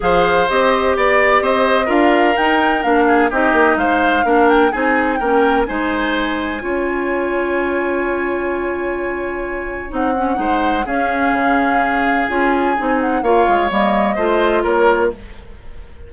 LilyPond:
<<
  \new Staff \with { instrumentName = "flute" } { \time 4/4 \tempo 4 = 127 f''4 dis''4 d''4 dis''4 | f''4 g''4 f''4 dis''4 | f''4. g''8 gis''4 g''4 | gis''1~ |
gis''1~ | gis''4 fis''2 f''4~ | f''2 gis''4. fis''8 | f''4 dis''2 cis''4 | }
  \new Staff \with { instrumentName = "oboe" } { \time 4/4 c''2 d''4 c''4 | ais'2~ ais'8 gis'8 g'4 | c''4 ais'4 gis'4 ais'4 | c''2 cis''2~ |
cis''1~ | cis''2 c''4 gis'4~ | gis'1 | cis''2 c''4 ais'4 | }
  \new Staff \with { instrumentName = "clarinet" } { \time 4/4 gis'4 g'2. | f'4 dis'4 d'4 dis'4~ | dis'4 d'4 dis'4 cis'4 | dis'2 f'2~ |
f'1~ | f'4 dis'8 cis'8 dis'4 cis'4~ | cis'2 f'4 dis'4 | f'4 ais4 f'2 | }
  \new Staff \with { instrumentName = "bassoon" } { \time 4/4 f4 c'4 b4 c'4 | d'4 dis'4 ais4 c'8 ais8 | gis4 ais4 c'4 ais4 | gis2 cis'2~ |
cis'1~ | cis'4 c'4 gis4 cis'4 | cis2 cis'4 c'4 | ais8 gis8 g4 a4 ais4 | }
>>